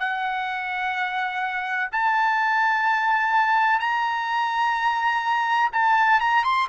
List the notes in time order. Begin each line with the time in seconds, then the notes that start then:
0.00 F#5
1.92 A5
3.80 A#5
5.73 A5
6.21 A#5
6.44 C6